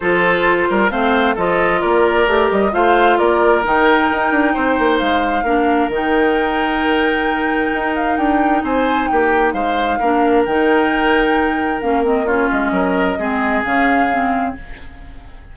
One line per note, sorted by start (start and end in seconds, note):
0.00 0.69 F3
0.00 0.90 F4
0.00 0.68 A4
0.00 0.90 C5
0.69 0.91 G3
0.69 0.91 A#4
0.90 1.36 A3
0.90 1.36 C4
0.90 1.35 C5
0.90 1.35 F5
1.35 1.82 F3
1.35 2.27 F4
1.35 1.80 A4
1.35 1.81 D#5
1.80 2.27 A#3
1.80 2.71 A#4
1.80 2.49 D5
2.27 2.49 A3
2.27 2.72 G4
2.50 2.73 G3
2.50 2.73 D#5
2.72 3.18 A3
2.72 3.62 F4
2.72 3.18 C5
2.72 3.17 F5
3.17 3.65 A#3
3.17 4.54 A#4
3.17 3.63 D5
3.62 4.11 D#3
3.62 5.44 D#4
3.62 4.98 G5
4.12 4.31 D#4
4.31 4.54 D4
4.54 4.78 C4
4.54 5.44 C5
4.78 5.00 A#3
4.98 5.43 G#3
4.98 5.89 F5
5.43 5.88 A#3
5.43 5.90 D4
5.43 8.62 A#4
5.88 7.70 D#3
5.88 10.01 D#4
5.95 7.95 G5
7.73 8.17 D#4
7.95 8.16 F5
8.16 8.63 D4
8.16 8.62 G5
8.63 9.08 C4
8.63 9.09 C5
8.63 9.07 G#5
9.07 9.53 A#3
9.07 9.53 G4
9.07 9.52 G5
9.52 9.98 G#3
9.52 9.99 C5
9.52 10.43 F5
9.99 10.45 A#3
9.99 10.47 D4
9.99 12.25 A#4
10.45 11.81 D#3
10.45 11.81 D#4
10.45 11.81 G5
11.81 12.50 A#3
11.81 12.02 C#4
11.81 12.04 F5
12.02 12.25 C4
12.02 12.27 D#5
12.25 13.18 C#4
12.25 12.71 F4
12.25 12.50 C#5
12.51 12.71 G#3
12.51 13.63 D#5
12.71 13.16 F#3
12.71 13.18 A#4
13.18 13.64 G#3
13.18 13.63 C4
13.18 14.55 G#4
13.63 14.56 C#3
13.63 14.09 C#4
13.63 14.54 F5
14.10 14.56 C4